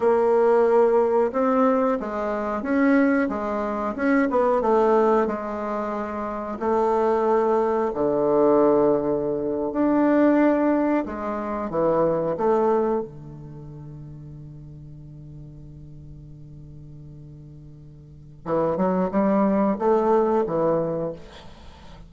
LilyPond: \new Staff \with { instrumentName = "bassoon" } { \time 4/4 \tempo 4 = 91 ais2 c'4 gis4 | cis'4 gis4 cis'8 b8 a4 | gis2 a2 | d2~ d8. d'4~ d'16~ |
d'8. gis4 e4 a4 d16~ | d1~ | d1 | e8 fis8 g4 a4 e4 | }